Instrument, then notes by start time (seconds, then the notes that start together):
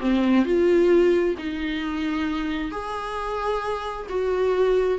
viola
0.00 C4
0.45 F4
1.38 D#4
2.71 G#4
4.09 F#4